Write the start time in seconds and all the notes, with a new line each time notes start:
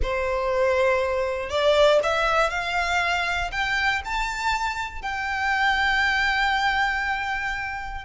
0.02 C5
1.49 D5
2.03 E5
2.50 F5
3.51 G5
4.05 A5
5.02 G5